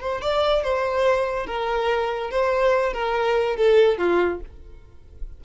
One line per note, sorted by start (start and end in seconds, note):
0.00 0.21 C5
0.21 0.63 D5
0.63 1.46 C5
1.46 2.30 A#4
2.30 2.93 C5
2.93 3.56 A#4
3.56 3.98 A4
3.98 4.40 F4